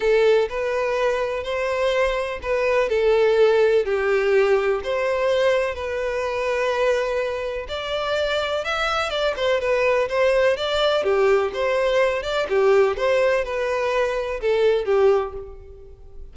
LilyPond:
\new Staff \with { instrumentName = "violin" } { \time 4/4 \tempo 4 = 125 a'4 b'2 c''4~ | c''4 b'4 a'2 | g'2 c''2 | b'1 |
d''2 e''4 d''8 c''8 | b'4 c''4 d''4 g'4 | c''4. d''8 g'4 c''4 | b'2 a'4 g'4 | }